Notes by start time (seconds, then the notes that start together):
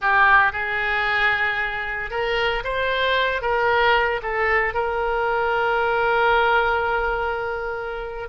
0.01 G4
0.52 G#4
2.10 A#4
2.63 C5
3.41 A#4
4.22 A4
4.74 A#4